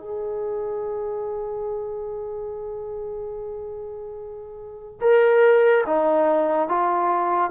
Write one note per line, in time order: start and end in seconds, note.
0.00 5.00 G#4
5.02 5.85 A#4
5.87 6.69 D#4
6.69 7.52 F4